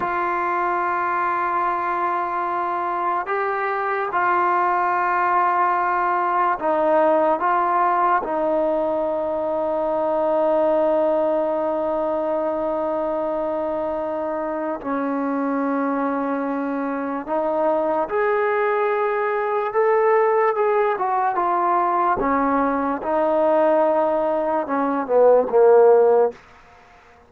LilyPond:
\new Staff \with { instrumentName = "trombone" } { \time 4/4 \tempo 4 = 73 f'1 | g'4 f'2. | dis'4 f'4 dis'2~ | dis'1~ |
dis'2 cis'2~ | cis'4 dis'4 gis'2 | a'4 gis'8 fis'8 f'4 cis'4 | dis'2 cis'8 b8 ais4 | }